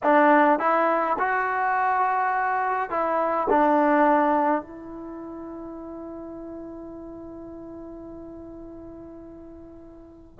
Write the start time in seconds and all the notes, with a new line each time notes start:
0.03 D4
0.59 E4
1.19 F#4
2.90 E4
3.49 D4
4.62 E4